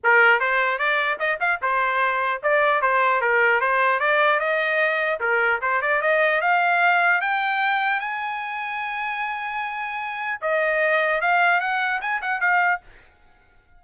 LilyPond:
\new Staff \with { instrumentName = "trumpet" } { \time 4/4 \tempo 4 = 150 ais'4 c''4 d''4 dis''8 f''8 | c''2 d''4 c''4 | ais'4 c''4 d''4 dis''4~ | dis''4 ais'4 c''8 d''8 dis''4 |
f''2 g''2 | gis''1~ | gis''2 dis''2 | f''4 fis''4 gis''8 fis''8 f''4 | }